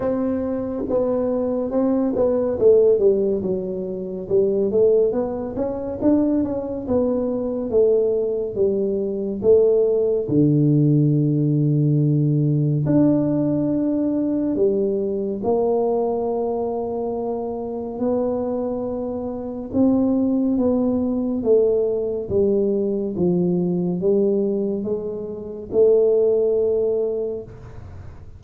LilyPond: \new Staff \with { instrumentName = "tuba" } { \time 4/4 \tempo 4 = 70 c'4 b4 c'8 b8 a8 g8 | fis4 g8 a8 b8 cis'8 d'8 cis'8 | b4 a4 g4 a4 | d2. d'4~ |
d'4 g4 ais2~ | ais4 b2 c'4 | b4 a4 g4 f4 | g4 gis4 a2 | }